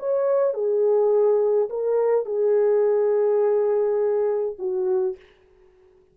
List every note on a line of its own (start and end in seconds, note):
0.00 0.54 C#5
0.54 1.70 G#4
1.70 2.26 A#4
2.26 4.57 G#4
4.59 5.17 F#4